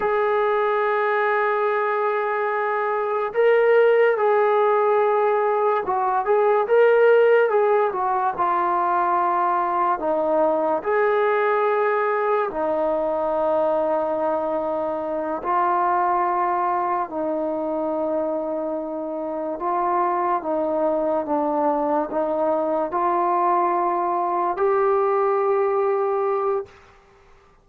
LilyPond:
\new Staff \with { instrumentName = "trombone" } { \time 4/4 \tempo 4 = 72 gis'1 | ais'4 gis'2 fis'8 gis'8 | ais'4 gis'8 fis'8 f'2 | dis'4 gis'2 dis'4~ |
dis'2~ dis'8 f'4.~ | f'8 dis'2. f'8~ | f'8 dis'4 d'4 dis'4 f'8~ | f'4. g'2~ g'8 | }